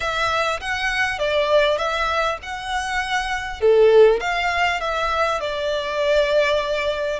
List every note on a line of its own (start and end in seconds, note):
0.00 0.60 E5
0.60 1.18 F#5
1.18 1.78 D5
1.78 2.38 E5
2.42 3.61 F#5
3.61 4.20 A4
4.20 4.80 F5
4.80 5.40 E5
5.40 7.19 D5